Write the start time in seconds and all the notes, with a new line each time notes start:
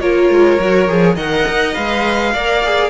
0.00 A#3 F4 A#4 C#5
0.29 G#3
0.59 F#3 F#4
0.88 F3 G#4
1.15 D#3 A#4 D#5 F#5
1.48 D#4
1.73 G#3 B4 F5
2.33 A#3 A#4 D5
2.64 G#4